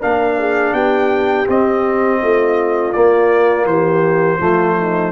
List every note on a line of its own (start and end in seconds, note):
0.00 0.73 A#3
0.00 1.47 D4
0.00 0.37 A#4
0.00 0.74 F5
0.39 0.73 G#4
0.73 1.46 B3
0.73 2.20 G4
0.73 1.47 G5
1.47 2.94 C4
1.47 2.21 C4
1.47 2.92 D#5
2.21 2.95 A3
2.21 3.68 F4
2.92 4.39 A#3
2.92 3.65 A#3
2.92 3.65 D5
3.65 4.38 E3
3.65 4.38 G4
3.65 5.12 C5
4.38 5.12 F3
4.38 5.12 A3
4.38 4.75 F4
4.78 5.12 D#4